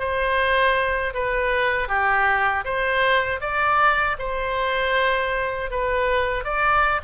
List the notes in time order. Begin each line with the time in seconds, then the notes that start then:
0.00 C5
1.14 B4
1.89 G4
2.65 C5
3.41 D5
4.19 C5
5.71 B4
6.45 D5